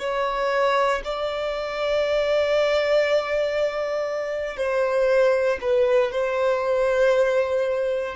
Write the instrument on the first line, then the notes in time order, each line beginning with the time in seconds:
violin
0.00 C#5
1.04 D5
4.57 C5
5.61 B4
6.12 C5